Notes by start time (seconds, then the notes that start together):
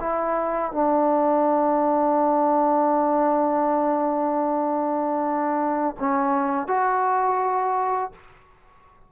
0.00 E4
0.71 D4
5.99 C#4
6.67 F#4